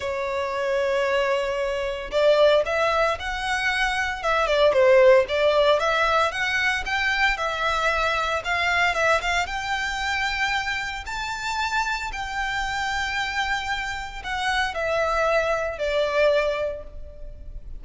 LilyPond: \new Staff \with { instrumentName = "violin" } { \time 4/4 \tempo 4 = 114 cis''1 | d''4 e''4 fis''2 | e''8 d''8 c''4 d''4 e''4 | fis''4 g''4 e''2 |
f''4 e''8 f''8 g''2~ | g''4 a''2 g''4~ | g''2. fis''4 | e''2 d''2 | }